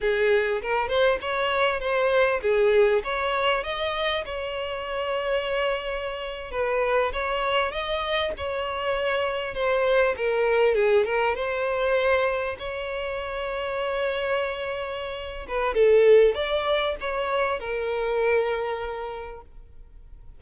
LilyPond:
\new Staff \with { instrumentName = "violin" } { \time 4/4 \tempo 4 = 99 gis'4 ais'8 c''8 cis''4 c''4 | gis'4 cis''4 dis''4 cis''4~ | cis''2~ cis''8. b'4 cis''16~ | cis''8. dis''4 cis''2 c''16~ |
c''8. ais'4 gis'8 ais'8 c''4~ c''16~ | c''8. cis''2.~ cis''16~ | cis''4. b'8 a'4 d''4 | cis''4 ais'2. | }